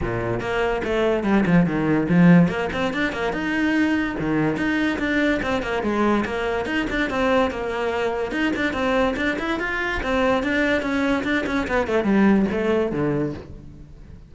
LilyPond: \new Staff \with { instrumentName = "cello" } { \time 4/4 \tempo 4 = 144 ais,4 ais4 a4 g8 f8 | dis4 f4 ais8 c'8 d'8 ais8 | dis'2 dis4 dis'4 | d'4 c'8 ais8 gis4 ais4 |
dis'8 d'8 c'4 ais2 | dis'8 d'8 c'4 d'8 e'8 f'4 | c'4 d'4 cis'4 d'8 cis'8 | b8 a8 g4 a4 d4 | }